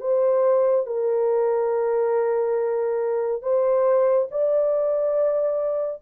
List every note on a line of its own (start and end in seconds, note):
0.00 0.86 C5
0.86 3.42 A#4
3.42 4.27 C5
4.31 6.02 D5